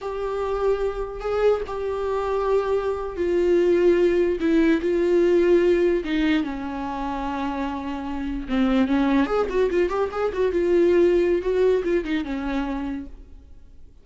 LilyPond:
\new Staff \with { instrumentName = "viola" } { \time 4/4 \tempo 4 = 147 g'2. gis'4 | g'2.~ g'8. f'16~ | f'2~ f'8. e'4 f'16~ | f'2~ f'8. dis'4 cis'16~ |
cis'1~ | cis'8. c'4 cis'4 gis'8 fis'8 f'16~ | f'16 g'8 gis'8 fis'8 f'2~ f'16 | fis'4 f'8 dis'8 cis'2 | }